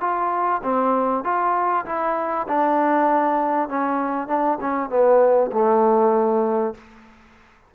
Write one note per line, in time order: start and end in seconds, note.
0.00 0.61 F4
0.63 1.24 C4
1.24 1.85 F4
1.85 2.46 E4
2.47 3.68 D4
3.68 4.27 C#4
4.27 4.58 D4
4.61 4.89 C#4
4.89 5.50 B3
5.52 6.74 A3